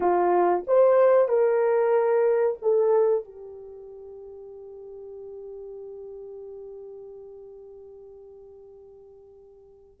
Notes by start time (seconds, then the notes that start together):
0.00 F4
0.67 C5
1.28 A#4
2.61 A4
3.24 G4